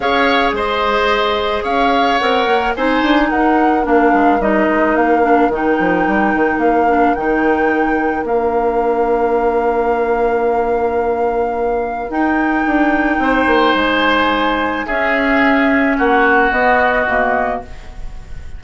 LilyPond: <<
  \new Staff \with { instrumentName = "flute" } { \time 4/4 \tempo 4 = 109 f''4 dis''2 f''4 | fis''4 gis''4 fis''4 f''4 | dis''4 f''4 g''2 | f''4 g''2 f''4~ |
f''1~ | f''2 g''2~ | g''4 gis''2 e''4~ | e''4 fis''4 dis''2 | }
  \new Staff \with { instrumentName = "oboe" } { \time 4/4 cis''4 c''2 cis''4~ | cis''4 c''4 ais'2~ | ais'1~ | ais'1~ |
ais'1~ | ais'1 | c''2. gis'4~ | gis'4 fis'2. | }
  \new Staff \with { instrumentName = "clarinet" } { \time 4/4 gis'1 | ais'4 dis'2 d'4 | dis'4. d'8 dis'2~ | dis'8 d'8 dis'2 d'4~ |
d'1~ | d'2 dis'2~ | dis'2. cis'4~ | cis'2 b4 ais4 | }
  \new Staff \with { instrumentName = "bassoon" } { \time 4/4 cis'4 gis2 cis'4 | c'8 ais8 c'8 d'8 dis'4 ais8 gis8 | g8 gis8 ais4 dis8 f8 g8 dis8 | ais4 dis2 ais4~ |
ais1~ | ais2 dis'4 d'4 | c'8 ais8 gis2 cis'4~ | cis'4 ais4 b4 b,4 | }
>>